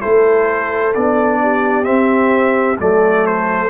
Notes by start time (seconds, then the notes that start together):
0.00 A3 E4 A4 C5
0.94 B3 D4 D5
1.42 G4
1.83 C4 E5
2.79 F#3 A3 A4 D5
3.26 C5